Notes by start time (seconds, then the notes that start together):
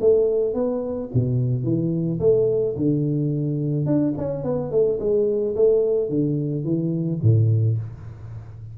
0.00 A3
0.54 B3
1.13 B2
1.63 E3
2.19 A3
2.76 D3
3.86 D4
4.17 C#4
4.43 B3
4.71 A3
4.99 G#3
5.55 A3
6.09 D3
6.63 E3
7.22 A2